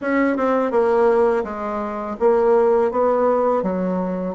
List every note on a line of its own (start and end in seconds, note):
0.01 0.36 C#4
0.36 0.71 C4
0.71 1.43 A#3
1.44 2.16 G#3
2.19 2.91 A#3
2.91 3.62 B3
3.62 4.34 F#3